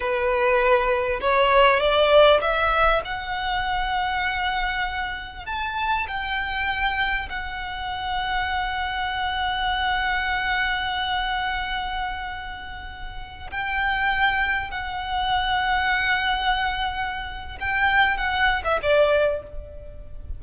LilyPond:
\new Staff \with { instrumentName = "violin" } { \time 4/4 \tempo 4 = 99 b'2 cis''4 d''4 | e''4 fis''2.~ | fis''4 a''4 g''2 | fis''1~ |
fis''1~ | fis''2~ fis''16 g''4.~ g''16~ | g''16 fis''2.~ fis''8.~ | fis''4 g''4 fis''8. e''16 d''4 | }